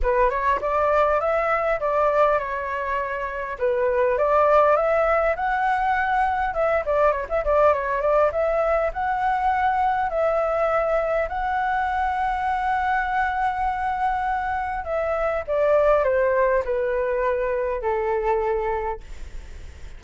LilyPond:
\new Staff \with { instrumentName = "flute" } { \time 4/4 \tempo 4 = 101 b'8 cis''8 d''4 e''4 d''4 | cis''2 b'4 d''4 | e''4 fis''2 e''8 d''8 | cis''16 e''16 d''8 cis''8 d''8 e''4 fis''4~ |
fis''4 e''2 fis''4~ | fis''1~ | fis''4 e''4 d''4 c''4 | b'2 a'2 | }